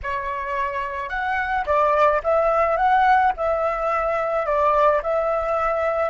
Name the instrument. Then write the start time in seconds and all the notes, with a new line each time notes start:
flute
0.02 C#5
1.09 F#5
1.66 D5
2.23 E5
2.76 F#5
3.36 E5
4.46 D5
5.02 E5